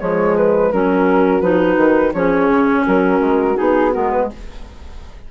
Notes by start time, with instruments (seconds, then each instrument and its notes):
0.00 bassoon F3, clarinet G#3, horn G#4, flute C#5
0.36 flute B4
0.72 bassoon F#3, clarinet C#4, horn F#4, flute A#4
1.41 bassoon F3, clarinet D#4, flute B4
1.76 bassoon D#3
2.14 bassoon F3, clarinet C#4, horn G#4, flute C#5
2.49 bassoon C#3
2.83 bassoon F#3, horn F#4, flute A#4
3.20 bassoon G#3
3.56 bassoon B3, clarinet D#4, flute G#4
3.92 bassoon G#3, clarinet B3, flute A#4
4.11 flute B4